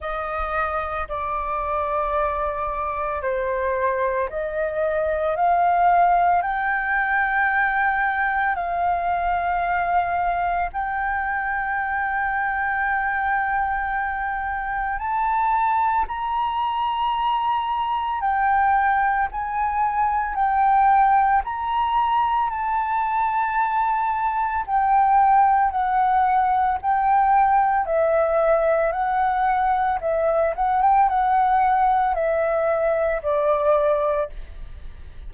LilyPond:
\new Staff \with { instrumentName = "flute" } { \time 4/4 \tempo 4 = 56 dis''4 d''2 c''4 | dis''4 f''4 g''2 | f''2 g''2~ | g''2 a''4 ais''4~ |
ais''4 g''4 gis''4 g''4 | ais''4 a''2 g''4 | fis''4 g''4 e''4 fis''4 | e''8 fis''16 g''16 fis''4 e''4 d''4 | }